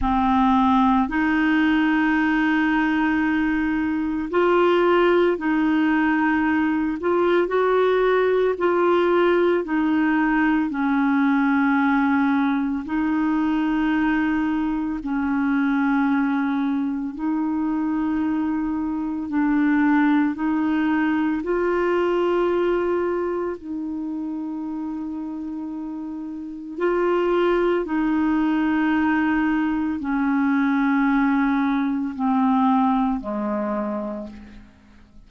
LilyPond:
\new Staff \with { instrumentName = "clarinet" } { \time 4/4 \tempo 4 = 56 c'4 dis'2. | f'4 dis'4. f'8 fis'4 | f'4 dis'4 cis'2 | dis'2 cis'2 |
dis'2 d'4 dis'4 | f'2 dis'2~ | dis'4 f'4 dis'2 | cis'2 c'4 gis4 | }